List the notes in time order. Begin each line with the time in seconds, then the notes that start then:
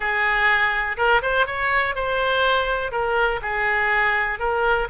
0.00 G#4
0.97 A#4
1.22 C5
1.46 C#5
1.95 C5
2.91 A#4
3.41 G#4
4.39 A#4